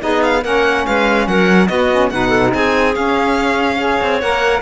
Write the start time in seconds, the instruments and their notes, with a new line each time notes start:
0.00 cello B3, saxophone D#4, clarinet G#4, violin D#5
0.23 violin F5
0.42 cello A#3, saxophone C#4, clarinet A#4, violin F#5
0.86 cello G#3, clarinet B4, violin F5
1.27 cello F#3, clarinet A#4, violin F#5
1.67 saxophone B3, cello B3, clarinet F#4, violin D#5
1.92 saxophone C#4
2.10 cello B2, saxophone D#4, clarinet B4, violin F#5
2.29 clarinet A4
2.54 cello C4, clarinet G#4, violin G#5
2.93 saxophone C#4, cello C#4, violin F5
3.77 saxophone G#4, clarinet C#5
4.02 cello C4
4.20 cello A#3, saxophone A#4, violin F#5